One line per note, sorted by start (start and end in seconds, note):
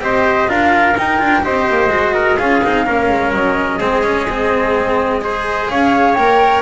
0.00 0.47 C4
0.00 0.47 G4
0.00 0.49 C5
0.00 0.50 D#5
0.47 0.95 D4
0.47 0.95 F4
0.47 1.44 A#4
0.47 0.97 F5
0.97 1.18 D#4
0.97 1.21 D#4
0.97 1.44 G5
1.18 1.45 D4
1.18 1.42 F4
1.42 1.69 C4
1.42 1.89 G4
1.42 2.14 C5
1.42 2.38 D#5
1.69 1.87 A#3
1.87 2.35 G#3
1.87 2.37 F#4
2.14 2.37 A#4
2.37 2.63 C#4
2.37 2.62 F4
2.37 2.84 G#4
2.37 3.32 F5
2.63 2.87 C4
2.63 2.86 D#4
2.86 3.09 A#3
2.86 3.80 C#4
2.86 3.78 A#4
3.09 3.32 G#3
3.32 3.79 F#3
3.32 5.69 D#5
3.78 5.69 G#3
3.78 4.03 C4
3.78 5.20 G#4
4.03 4.26 C#4
4.30 5.21 C4
5.21 6.16 G#4
5.21 5.70 C5
5.69 6.17 C#4
5.69 6.62 C#5
5.69 6.14 F5
6.14 6.62 A#3
6.14 6.62 A#4
6.14 6.61 G5